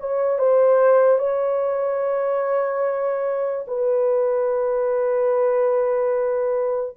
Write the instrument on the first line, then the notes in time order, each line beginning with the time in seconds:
horn
0.00 C#5
0.39 C5
1.19 C#5
3.68 B4